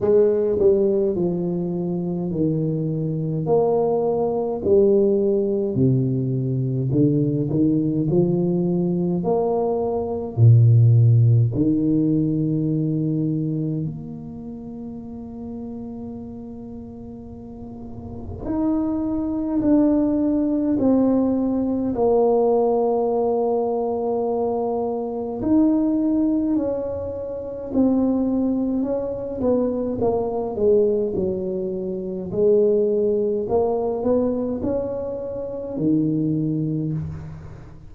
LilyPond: \new Staff \with { instrumentName = "tuba" } { \time 4/4 \tempo 4 = 52 gis8 g8 f4 dis4 ais4 | g4 c4 d8 dis8 f4 | ais4 ais,4 dis2 | ais1 |
dis'4 d'4 c'4 ais4~ | ais2 dis'4 cis'4 | c'4 cis'8 b8 ais8 gis8 fis4 | gis4 ais8 b8 cis'4 dis4 | }